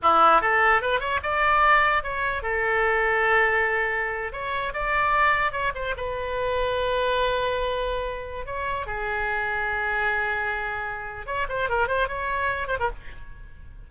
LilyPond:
\new Staff \with { instrumentName = "oboe" } { \time 4/4 \tempo 4 = 149 e'4 a'4 b'8 cis''8 d''4~ | d''4 cis''4 a'2~ | a'2~ a'8. cis''4 d''16~ | d''4.~ d''16 cis''8 c''8 b'4~ b'16~ |
b'1~ | b'4 cis''4 gis'2~ | gis'1 | cis''8 c''8 ais'8 c''8 cis''4. c''16 ais'16 | }